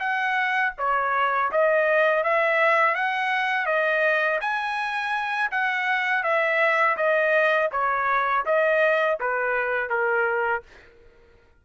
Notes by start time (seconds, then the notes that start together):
0.00 F#5
0.78 C#5
1.52 D#5
2.24 E5
2.95 F#5
3.67 D#5
4.41 G#5
5.52 F#5
6.24 E5
6.97 D#5
7.72 C#5
8.46 D#5
9.20 B4
9.90 A#4